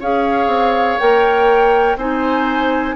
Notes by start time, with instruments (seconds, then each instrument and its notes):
0.00 bassoon C#4, clarinet G#4, oboe C#5, flute F5
0.47 bassoon C4
0.98 bassoon A#3, clarinet A#4, flute G5
1.96 bassoon C4, clarinet D#4, oboe C5, flute G#5